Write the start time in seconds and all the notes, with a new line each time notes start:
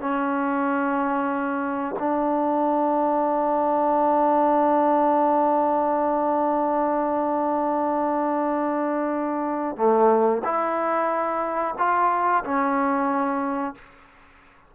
0.00 C#4
1.99 D4
9.77 A3
10.44 E4
11.78 F4
12.44 C#4